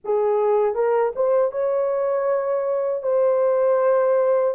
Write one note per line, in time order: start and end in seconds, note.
0.04 0.74 G#4
0.74 1.12 A#4
1.15 1.51 C5
1.51 3.02 C#5
3.02 4.54 C5